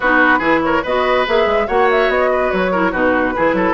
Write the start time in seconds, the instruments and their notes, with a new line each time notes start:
0.00 bassoon B3, clarinet D#4, oboe F#4, flute B4
0.38 bassoon E3, clarinet E4, oboe G#4
0.63 oboe A#4, flute C#5
0.83 bassoon B3, clarinet F#4, oboe B4, flute D#5
1.26 bassoon A#3, clarinet G#4, flute E5
1.46 bassoon G#3
1.67 bassoon A#3, clarinet F#4, oboe C#5, flute F#5
1.90 flute E5
2.08 bassoon B3, flute D#5
2.32 oboe B4
2.50 bassoon F#3, flute C#5
2.71 clarinet E4, oboe A#4
2.91 bassoon B2, clarinet D#4, oboe F#4, flute B4
3.36 bassoon E3, clarinet E4, oboe G#4
3.53 bassoon F#3, oboe A4